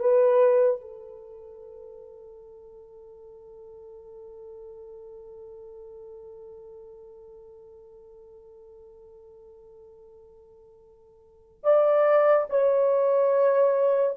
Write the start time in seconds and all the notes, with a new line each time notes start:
0.00 B4
0.81 A4
11.64 D5
12.50 C#5